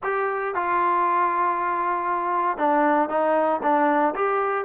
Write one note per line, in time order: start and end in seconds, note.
0.03 0.54 G4
0.54 2.57 F4
2.57 3.09 D4
3.09 3.60 D#4
3.62 4.14 D4
4.14 4.65 G4